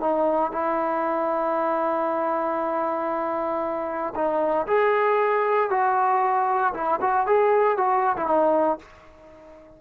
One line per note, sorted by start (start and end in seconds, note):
0.00 0.51 D#4
0.51 4.14 E4
4.15 4.66 D#4
4.67 5.70 G#4
5.70 6.73 F#4
6.74 6.99 E4
7.01 7.26 F#4
7.26 7.77 G#4
7.77 8.16 F#4
8.16 8.26 E4
8.26 8.78 D#4